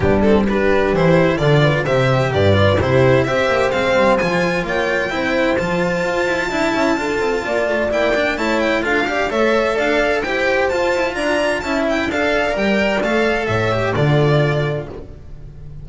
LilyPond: <<
  \new Staff \with { instrumentName = "violin" } { \time 4/4 \tempo 4 = 129 g'8 a'8 b'4 c''4 d''4 | e''4 d''4 c''4 e''4 | f''4 gis''4 g''2 | a''1~ |
a''4 g''4 a''8 g''8 f''4 | e''4 f''4 g''4 a''4 | ais''4 a''8 g''8 f''4 g''4 | f''4 e''4 d''2 | }
  \new Staff \with { instrumentName = "horn" } { \time 4/4 d'4 g'2 a'8 b'8 | c''4 b'4 g'4 c''4~ | c''2 cis''4 c''4~ | c''2 e''4 a'4 |
d''2 cis''4 a'8 d''8 | cis''4 d''4 c''2 | d''4 e''4 d''2~ | d''4 cis''4 a'2 | }
  \new Staff \with { instrumentName = "cello" } { \time 4/4 b8 c'8 d'4 e'4 f'4 | g'4. f'8 e'4 g'4 | c'4 f'2 e'4 | f'2 e'4 f'4~ |
f'4 e'8 d'8 e'4 f'8 g'8 | a'2 g'4 f'4~ | f'4 e'4 a'4 ais'4 | a'4. g'8 f'2 | }
  \new Staff \with { instrumentName = "double bass" } { \time 4/4 g2 e4 d4 | c4 g,4 c4 c'8 ais8 | gis8 g8 f4 ais4 c'4 | f4 f'8 e'8 d'8 cis'8 d'8 c'8 |
ais8 a8 ais4 a4 d'4 | a4 d'4 e'4 f'8 e'8 | d'4 cis'4 d'4 g4 | a4 a,4 d2 | }
>>